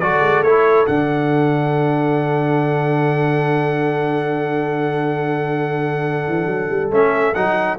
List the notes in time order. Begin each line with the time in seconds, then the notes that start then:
0.00 F#3 F#4 A4 D5
0.20 G#3
0.42 A3 E4 C#5
0.87 D3 D4 F#5
6.28 E3
6.46 F#3
6.71 G3
6.90 A3 C#4 E5
7.34 F#3 D#4 F#5